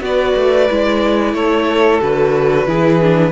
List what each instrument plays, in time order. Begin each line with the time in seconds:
0.00 cello B3, viola F#4, violin B4 D5
0.36 cello A3
0.70 cello G#3, viola E4
1.33 cello A3, violin A4 C#5
2.01 cello D3, viola F#4, violin B4
2.66 cello E3, viola E4, violin G#4
3.01 viola D4